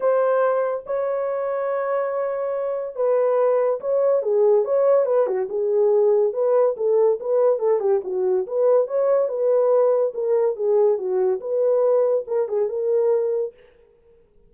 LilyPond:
\new Staff \with { instrumentName = "horn" } { \time 4/4 \tempo 4 = 142 c''2 cis''2~ | cis''2. b'4~ | b'4 cis''4 gis'4 cis''4 | b'8 fis'8 gis'2 b'4 |
a'4 b'4 a'8 g'8 fis'4 | b'4 cis''4 b'2 | ais'4 gis'4 fis'4 b'4~ | b'4 ais'8 gis'8 ais'2 | }